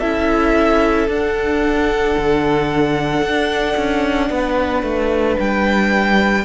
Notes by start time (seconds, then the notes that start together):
0.00 C#4 E4 A4 E5
1.08 D4 F#5
2.18 D3
3.22 D4
3.77 C#4
4.30 B3 B4
4.83 A3
5.39 G3 G5